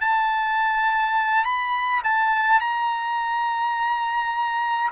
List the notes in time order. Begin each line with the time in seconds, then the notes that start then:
0.00 A5
1.44 B5
2.03 A5
2.60 A#5